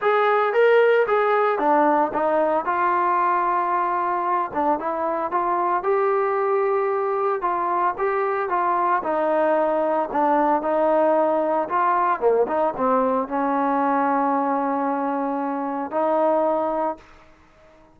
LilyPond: \new Staff \with { instrumentName = "trombone" } { \time 4/4 \tempo 4 = 113 gis'4 ais'4 gis'4 d'4 | dis'4 f'2.~ | f'8 d'8 e'4 f'4 g'4~ | g'2 f'4 g'4 |
f'4 dis'2 d'4 | dis'2 f'4 ais8 dis'8 | c'4 cis'2.~ | cis'2 dis'2 | }